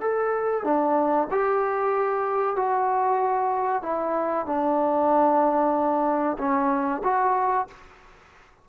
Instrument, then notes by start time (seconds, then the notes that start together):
trombone
0.00 A4
0.64 D4
1.31 G4
2.56 F#4
3.82 E4
4.45 D4
6.38 C#4
7.03 F#4